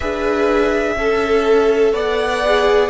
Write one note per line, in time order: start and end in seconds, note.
0.00 0.96 D4
0.00 0.97 G#4
0.00 0.94 B4
0.00 1.93 E5
0.96 1.92 C#4
0.96 2.44 A4
0.96 1.92 A4
1.92 2.89 B3
1.92 2.89 D5
1.92 2.89 F#5
2.45 2.89 G#4